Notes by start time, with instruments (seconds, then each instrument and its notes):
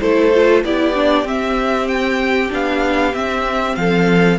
0.00 cello A3, viola E4, violin A4 C5
0.34 viola F4
0.64 cello B3, viola E4, violin G4 D5
0.94 viola D4
1.24 cello C4, viola C4, violin E5
1.87 violin G5
2.50 cello B3, viola D4, violin F5
3.13 viola C4, cello C4, violin E5
3.76 cello F3, violin A4 F5